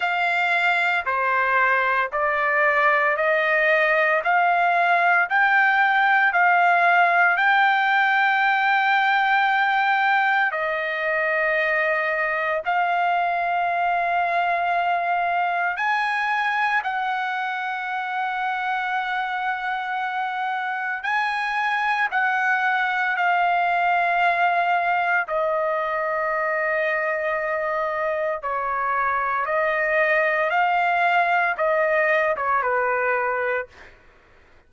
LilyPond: \new Staff \with { instrumentName = "trumpet" } { \time 4/4 \tempo 4 = 57 f''4 c''4 d''4 dis''4 | f''4 g''4 f''4 g''4~ | g''2 dis''2 | f''2. gis''4 |
fis''1 | gis''4 fis''4 f''2 | dis''2. cis''4 | dis''4 f''4 dis''8. cis''16 b'4 | }